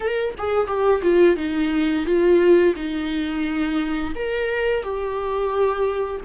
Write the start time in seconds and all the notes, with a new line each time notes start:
0.00 A#4
0.38 G#4
0.67 G4
1.02 F4
1.36 D#4
2.05 F4
2.75 D#4
4.15 A#4
4.83 G4